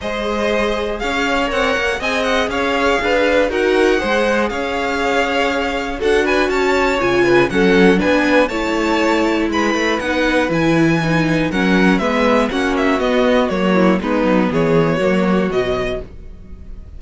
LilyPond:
<<
  \new Staff \with { instrumentName = "violin" } { \time 4/4 \tempo 4 = 120 dis''2 f''4 fis''4 | gis''8 fis''8 f''2 fis''4~ | fis''4 f''2. | fis''8 gis''8 a''4 gis''4 fis''4 |
gis''4 a''2 b''4 | fis''4 gis''2 fis''4 | e''4 fis''8 e''8 dis''4 cis''4 | b'4 cis''2 dis''4 | }
  \new Staff \with { instrumentName = "violin" } { \time 4/4 c''2 cis''2 | dis''4 cis''4 b'4 ais'4 | c''4 cis''2. | a'8 b'8 cis''4. b'8 a'4 |
b'4 cis''2 b'4~ | b'2. ais'4 | b'4 fis'2~ fis'8 e'8 | dis'4 gis'4 fis'2 | }
  \new Staff \with { instrumentName = "viola" } { \time 4/4 gis'2. ais'4 | gis'2. fis'4 | gis'1 | fis'2 f'4 cis'4 |
d'4 e'2. | dis'4 e'4 dis'4 cis'4 | b4 cis'4 b4 ais4 | b2 ais4 fis4 | }
  \new Staff \with { instrumentName = "cello" } { \time 4/4 gis2 cis'4 c'8 ais8 | c'4 cis'4 d'4 dis'4 | gis4 cis'2. | d'4 cis'4 cis4 fis4 |
b4 a2 gis8 a8 | b4 e2 fis4 | gis4 ais4 b4 fis4 | gis8 fis8 e4 fis4 b,4 | }
>>